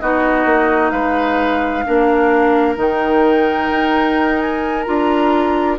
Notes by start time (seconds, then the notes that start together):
0.00 B3 D#4 F#4 D#5
0.45 A#3
0.90 G#3 B4 F5
1.85 A#3 D4 A#4
2.76 D#3 D#4 G5
3.70 D#4
4.40 G#5
4.82 D4 F4 A#5